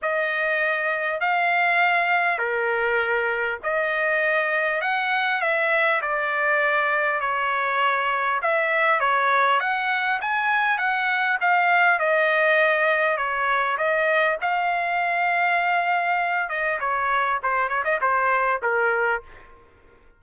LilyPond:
\new Staff \with { instrumentName = "trumpet" } { \time 4/4 \tempo 4 = 100 dis''2 f''2 | ais'2 dis''2 | fis''4 e''4 d''2 | cis''2 e''4 cis''4 |
fis''4 gis''4 fis''4 f''4 | dis''2 cis''4 dis''4 | f''2.~ f''8 dis''8 | cis''4 c''8 cis''16 dis''16 c''4 ais'4 | }